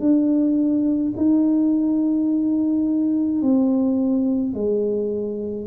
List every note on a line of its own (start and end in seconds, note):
0.00 1.13 D4
1.17 3.42 D#4
3.42 4.54 C4
4.54 5.67 G#3